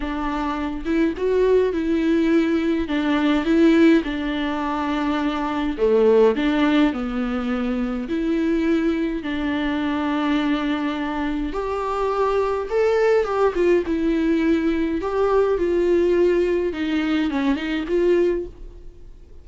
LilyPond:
\new Staff \with { instrumentName = "viola" } { \time 4/4 \tempo 4 = 104 d'4. e'8 fis'4 e'4~ | e'4 d'4 e'4 d'4~ | d'2 a4 d'4 | b2 e'2 |
d'1 | g'2 a'4 g'8 f'8 | e'2 g'4 f'4~ | f'4 dis'4 cis'8 dis'8 f'4 | }